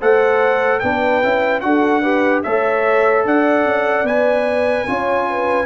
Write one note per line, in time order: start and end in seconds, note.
0.00 0.83 A3
0.00 0.82 A4
0.00 0.81 C5
0.00 0.80 F#5
0.80 1.24 B3
0.80 1.23 D4
0.80 1.64 B4
0.80 1.61 G5
1.23 1.63 C#4
1.23 1.62 E4
1.61 2.44 D4
1.61 2.03 F#4
1.61 2.02 A4
1.61 2.42 F#5
2.02 2.44 G4
2.02 2.43 B4
2.44 3.26 A3
2.44 4.07 A4
2.44 3.26 C#5
2.44 3.25 E5
3.26 3.65 D4
3.26 4.89 D5
3.26 4.07 F#5
3.65 4.04 C#4
4.04 4.85 B3
4.04 4.88 B4
4.04 5.67 G#5
4.88 5.67 C#4
4.88 5.67 F4
4.88 5.29 C#5
5.30 5.67 B4